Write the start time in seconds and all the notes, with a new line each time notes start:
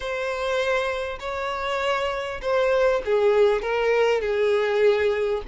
0.00 C5
1.19 C#5
2.41 C5
3.05 G#4
3.62 A#4
4.21 G#4